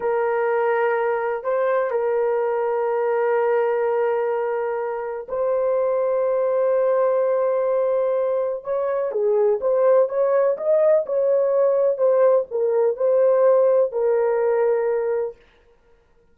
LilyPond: \new Staff \with { instrumentName = "horn" } { \time 4/4 \tempo 4 = 125 ais'2. c''4 | ais'1~ | ais'2. c''4~ | c''1~ |
c''2 cis''4 gis'4 | c''4 cis''4 dis''4 cis''4~ | cis''4 c''4 ais'4 c''4~ | c''4 ais'2. | }